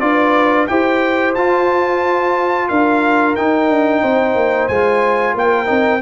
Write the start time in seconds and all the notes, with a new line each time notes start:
0.00 D4 F4 B4 D5
0.67 E4 G4 C5 G5
1.35 F4 A5
2.68 D4 A#4 F5
3.36 D#4 G5
3.69 D4
4.02 C4 C5
4.35 A#3
4.68 G#3 F4 G#5
5.34 A#3 A#4 G5
5.66 C4 D#4